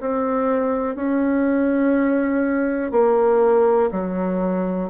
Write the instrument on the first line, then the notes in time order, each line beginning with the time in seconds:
bassoon
0.00 C4
0.95 C#4
2.92 A#3
3.91 F#3